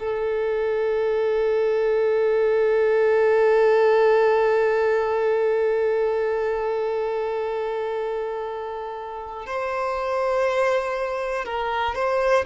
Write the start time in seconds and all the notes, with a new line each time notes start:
0.00 A4
9.46 C5
11.45 A#4
11.95 C5